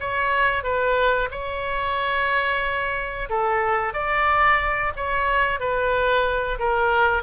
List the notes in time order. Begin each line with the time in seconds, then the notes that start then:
0.00 C#5
0.63 B4
1.31 C#5
3.29 A4
3.94 D5
4.96 C#5
5.60 B4
6.59 A#4